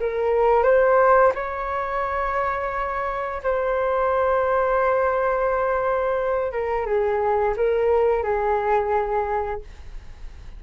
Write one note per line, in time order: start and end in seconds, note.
0.00 0.63 A#4
0.63 1.32 C5
1.35 3.42 C#5
3.43 6.52 C5
6.52 6.86 A#4
6.86 7.55 G#4
7.57 8.23 A#4
8.23 9.61 G#4